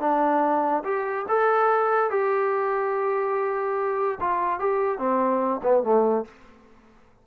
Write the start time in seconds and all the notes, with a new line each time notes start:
0.00 D4
0.84 G4
1.28 A4
2.11 G4
4.20 F4
4.59 G4
4.98 C4
5.63 B3
5.83 A3